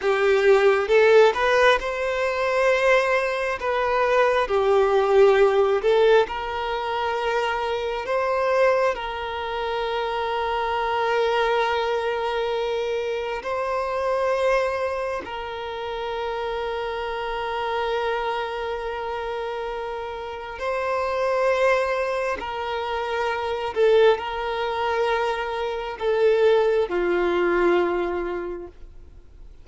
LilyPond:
\new Staff \with { instrumentName = "violin" } { \time 4/4 \tempo 4 = 67 g'4 a'8 b'8 c''2 | b'4 g'4. a'8 ais'4~ | ais'4 c''4 ais'2~ | ais'2. c''4~ |
c''4 ais'2.~ | ais'2. c''4~ | c''4 ais'4. a'8 ais'4~ | ais'4 a'4 f'2 | }